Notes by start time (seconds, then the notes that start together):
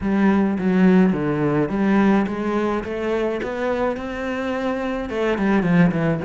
0.01 G3
0.58 F#3
1.12 D3
1.69 G3
2.26 G#3
2.84 A3
3.42 B3
3.96 C4
5.09 A3
5.37 G3
5.62 F3
5.92 E3